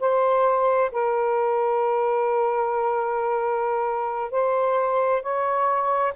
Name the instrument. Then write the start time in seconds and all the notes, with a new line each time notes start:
saxophone
0.00 C5
0.92 A#4
4.32 C5
5.23 C#5